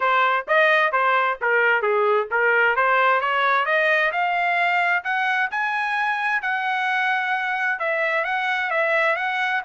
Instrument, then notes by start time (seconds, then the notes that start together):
trumpet
0.00 C5
0.47 D#5
0.92 C5
1.41 A#4
1.82 G#4
2.30 A#4
2.76 C5
3.21 C#5
3.65 D#5
4.12 F5
5.04 F#5
5.51 G#5
6.42 F#5
7.79 E5
8.24 F#5
8.70 E5
9.15 F#5